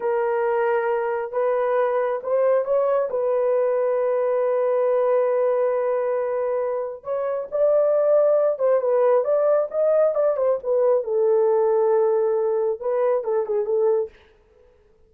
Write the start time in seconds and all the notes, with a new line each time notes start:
0.00 A#4
1.32 B4
2.23 C5
2.64 C#5
3.09 B4
7.03 C#5
7.51 D5
8.58 C5
8.81 B4
9.24 D5
9.71 D#5
10.14 D5
10.36 C5
10.63 B4
11.03 A4
12.80 B4
13.24 A4
13.46 G#4
13.65 A4